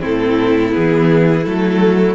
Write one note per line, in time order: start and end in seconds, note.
0.00 0.75 A2
0.00 0.71 C4
0.00 2.15 E4
0.00 0.74 A4
0.71 1.46 E3
0.71 1.43 B3
0.71 1.44 G#4
1.44 2.15 F#3
1.44 2.15 A3
1.44 2.15 A4